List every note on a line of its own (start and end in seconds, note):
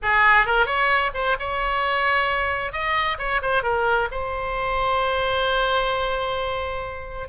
0.02 0.45 G#4
0.45 0.65 A#4
0.65 1.11 C#5
1.14 1.36 C5
1.39 2.72 C#5
2.72 3.17 D#5
3.18 3.41 C#5
3.42 3.63 C5
3.63 4.08 A#4
4.11 7.28 C5